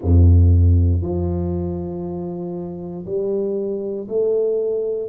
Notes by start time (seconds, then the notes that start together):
0.02 F2
1.01 F3
3.05 G3
4.08 A3